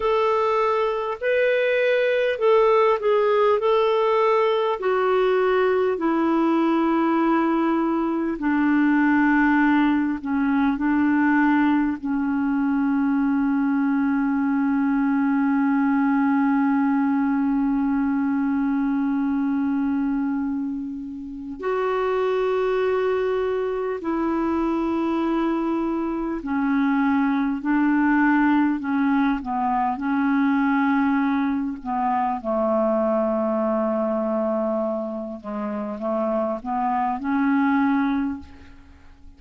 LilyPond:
\new Staff \with { instrumentName = "clarinet" } { \time 4/4 \tempo 4 = 50 a'4 b'4 a'8 gis'8 a'4 | fis'4 e'2 d'4~ | d'8 cis'8 d'4 cis'2~ | cis'1~ |
cis'2 fis'2 | e'2 cis'4 d'4 | cis'8 b8 cis'4. b8 a4~ | a4. gis8 a8 b8 cis'4 | }